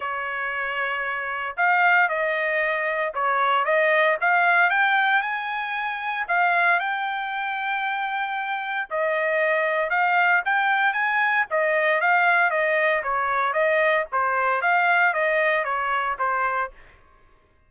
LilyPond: \new Staff \with { instrumentName = "trumpet" } { \time 4/4 \tempo 4 = 115 cis''2. f''4 | dis''2 cis''4 dis''4 | f''4 g''4 gis''2 | f''4 g''2.~ |
g''4 dis''2 f''4 | g''4 gis''4 dis''4 f''4 | dis''4 cis''4 dis''4 c''4 | f''4 dis''4 cis''4 c''4 | }